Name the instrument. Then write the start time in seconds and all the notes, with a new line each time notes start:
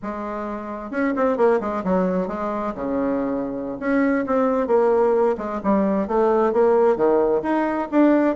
bassoon
0.02 G#3
0.90 C#4
1.16 C4
1.37 A#3
1.60 G#3
1.83 F#3
2.27 G#3
2.74 C#3
3.79 C#4
4.26 C4
4.67 A#3
5.37 G#3
5.63 G3
6.07 A3
6.52 A#3
6.96 D#3
7.42 D#4
7.91 D4